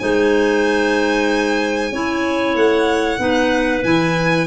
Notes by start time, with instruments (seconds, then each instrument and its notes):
0.00 tuba G#3, clarinet D#4 C5, violin G#5
1.92 tuba C#4, clarinet E4 C#5
2.55 tuba A3, violin F#5
3.19 tuba B3, clarinet D#4 B4
3.84 tuba E3, clarinet E4, violin G#5